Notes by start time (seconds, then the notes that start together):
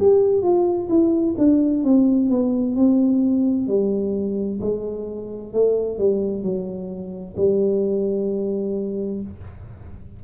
0.00 G4
0.42 F4
0.89 E4
1.38 D4
1.84 C4
2.30 B3
2.76 C4
3.68 G3
4.61 G#3
5.53 A3
5.98 G3
6.43 F#3
7.37 G3